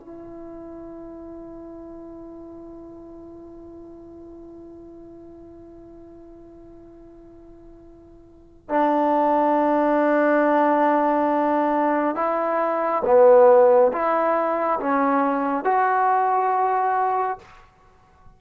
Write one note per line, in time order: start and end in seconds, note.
0.00 8.70 E4
8.70 12.15 D4
12.15 13.02 E4
13.05 13.92 B3
13.92 14.79 E4
14.79 15.64 C#4
15.64 17.38 F#4